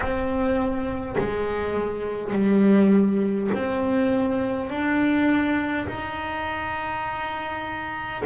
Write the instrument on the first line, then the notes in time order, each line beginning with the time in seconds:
double bass
0.00 C4
1.17 G#3
2.32 G3
3.53 C4
4.69 D4
5.87 D#4